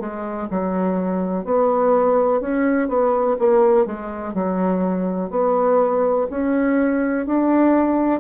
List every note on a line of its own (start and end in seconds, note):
0.00 0.48 G#3
0.51 1.45 F#3
1.45 2.41 B3
2.41 2.89 C#4
2.89 3.37 B3
3.39 3.86 A#3
3.86 4.34 G#3
4.34 5.30 F#3
5.30 6.27 B3
6.31 7.26 C#4
7.26 8.20 D4